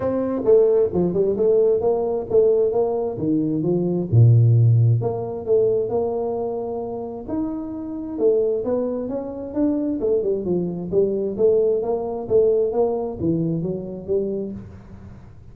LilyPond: \new Staff \with { instrumentName = "tuba" } { \time 4/4 \tempo 4 = 132 c'4 a4 f8 g8 a4 | ais4 a4 ais4 dis4 | f4 ais,2 ais4 | a4 ais2. |
dis'2 a4 b4 | cis'4 d'4 a8 g8 f4 | g4 a4 ais4 a4 | ais4 e4 fis4 g4 | }